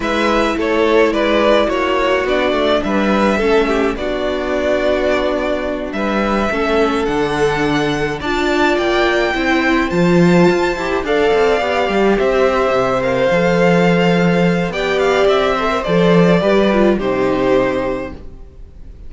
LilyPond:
<<
  \new Staff \with { instrumentName = "violin" } { \time 4/4 \tempo 4 = 106 e''4 cis''4 d''4 cis''4 | d''4 e''2 d''4~ | d''2~ d''8 e''4.~ | e''8 fis''2 a''4 g''8~ |
g''4. a''2 f''8~ | f''4. e''4. f''4~ | f''2 g''8 f''8 e''4 | d''2 c''2 | }
  \new Staff \with { instrumentName = "violin" } { \time 4/4 b'4 a'4 b'4 fis'4~ | fis'4 b'4 a'8 g'8 fis'4~ | fis'2~ fis'8 b'4 a'8~ | a'2~ a'8 d''4.~ |
d''8 c''2. d''8~ | d''4. c''2~ c''8~ | c''2 d''4. c''8~ | c''4 b'4 g'2 | }
  \new Staff \with { instrumentName = "viola" } { \time 4/4 e'1 | d'2 cis'4 d'4~ | d'2.~ d'8 cis'8~ | cis'8 d'2 f'4.~ |
f'8 e'4 f'4. g'8 a'8~ | a'8 g'2~ g'8 ais'8 a'8~ | a'2 g'4. a'16 ais'16 | a'4 g'8 f'8 dis'2 | }
  \new Staff \with { instrumentName = "cello" } { \time 4/4 gis4 a4 gis4 ais4 | b8 a8 g4 a4 b4~ | b2~ b8 g4 a8~ | a8 d2 d'4 ais8~ |
ais8 c'4 f4 f'8 e'8 d'8 | c'8 b8 g8 c'4 c4 f8~ | f2 b4 c'4 | f4 g4 c2 | }
>>